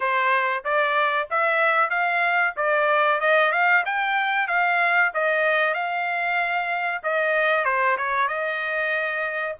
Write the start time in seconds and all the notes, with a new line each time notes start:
0.00 C5
0.64 D5
1.30 E5
1.90 F5
2.56 D5
3.20 D#5
3.52 F5
3.85 G5
4.47 F5
5.14 D#5
5.74 F5
7.03 D#5
7.65 C5
7.97 C#5
8.28 D#5